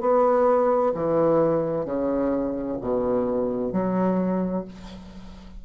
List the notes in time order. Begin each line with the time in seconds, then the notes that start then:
0.00 B3
0.94 E3
1.85 C#3
2.81 B2
3.72 F#3